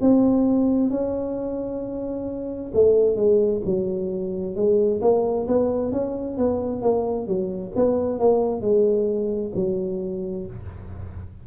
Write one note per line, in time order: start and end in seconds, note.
0.00 0.90 C4
0.90 2.71 C#4
2.74 3.16 A3
3.16 3.61 G#3
3.65 4.55 F#3
4.55 5.00 G#3
5.01 5.46 A#3
5.47 5.92 B3
5.92 6.37 C#4
6.37 6.81 B3
6.81 7.27 A#3
7.27 7.72 F#3
7.75 8.19 B3
8.19 8.61 A#3
8.61 9.52 G#3
9.55 10.46 F#3